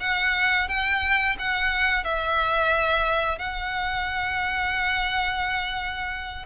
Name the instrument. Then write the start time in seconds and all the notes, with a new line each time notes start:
violin
0.00 F#5
0.68 G5
1.39 F#5
2.04 E5
3.39 F#5